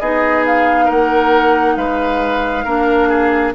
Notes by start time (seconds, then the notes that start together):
0.00 B3 D#4 G#4 D#5
0.46 F5
0.85 A#3 A#4 F#5
1.76 G#3 B4 F5
2.65 A#3 D4 A#4
3.08 G#4